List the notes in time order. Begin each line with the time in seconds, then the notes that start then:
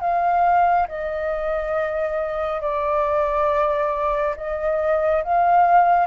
0.00 F5
0.88 D#5
2.61 D5
4.36 D#5
5.23 F5